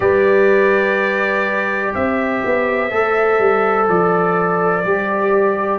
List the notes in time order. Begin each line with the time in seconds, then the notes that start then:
0.00 G3 G4 B4 D5
1.92 C4 C5 E5
2.44 B3
2.90 A3 A4
3.39 G3
3.88 F3 D5
4.84 G3 G4